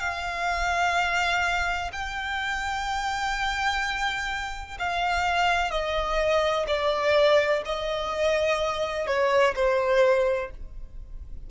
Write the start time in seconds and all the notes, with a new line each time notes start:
0.00 F5
1.92 G5
4.78 F5
5.70 D#5
6.67 D5
7.65 D#5
9.06 C#5
9.55 C5